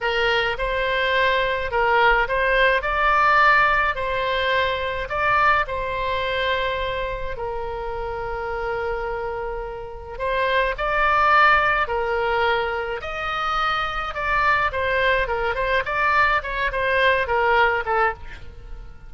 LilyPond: \new Staff \with { instrumentName = "oboe" } { \time 4/4 \tempo 4 = 106 ais'4 c''2 ais'4 | c''4 d''2 c''4~ | c''4 d''4 c''2~ | c''4 ais'2.~ |
ais'2 c''4 d''4~ | d''4 ais'2 dis''4~ | dis''4 d''4 c''4 ais'8 c''8 | d''4 cis''8 c''4 ais'4 a'8 | }